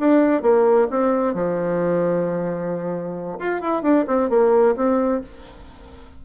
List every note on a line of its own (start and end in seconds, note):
0.00 0.43 D4
0.43 0.88 A#3
0.91 1.34 C4
1.34 3.39 F3
3.39 3.62 F4
3.62 3.83 E4
3.83 4.06 D4
4.08 4.30 C4
4.30 4.76 A#3
4.76 5.22 C4